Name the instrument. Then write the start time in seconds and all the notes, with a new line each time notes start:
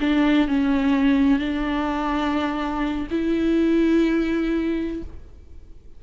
viola
0.00 D4
0.47 C#4
1.39 D4
3.10 E4